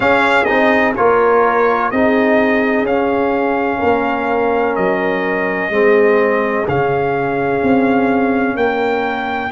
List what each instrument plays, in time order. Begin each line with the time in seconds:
0.00 trombone C#4, tuba C#4, horn G#4, trumpet F5
0.44 tuba C4, trombone D#4, trumpet D#5
0.95 tuba A#3, trombone F4, horn A#4, trumpet C#5
1.90 tuba C4, trombone D#4, horn G#4, trumpet D#5
2.82 tuba C#4, trombone C#4, trumpet F5
3.78 tuba A#3, horn A#4
4.75 tuba F#3, trumpet D#5
5.69 tuba G#3, trombone C4, horn G#4
6.68 tuba C#3, trombone C#4, trumpet F5
7.62 tuba C4
8.55 tuba A#3, horn A#4, trumpet G5